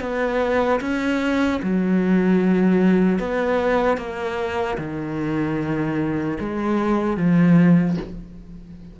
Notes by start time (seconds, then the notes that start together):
0.00 B3
0.80 C#4
1.63 F#3
3.19 B3
3.97 A#3
4.78 D#3
6.40 G#3
7.17 F3